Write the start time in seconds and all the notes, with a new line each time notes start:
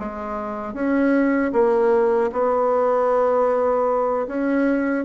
0.00 G#3
0.74 C#4
1.53 A#3
2.33 B3
4.28 C#4